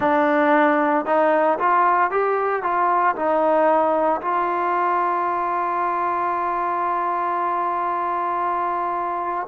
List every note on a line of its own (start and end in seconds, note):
0.00 1.05 D4
1.05 1.58 D#4
1.58 2.11 F4
2.11 2.62 G4
2.62 3.15 F4
3.15 4.21 D#4
4.21 9.47 F4